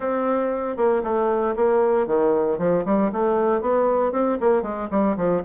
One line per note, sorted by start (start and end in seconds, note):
0.00 0.76 C4
0.76 1.02 A#3
1.03 1.55 A3
1.55 2.06 A#3
2.06 2.58 D#3
2.58 2.84 F3
2.85 3.11 G3
3.12 3.61 A3
3.61 4.12 B3
4.12 4.38 C4
4.40 4.62 A#3
4.62 4.88 G#3
4.90 5.16 G3
5.16 5.42 F3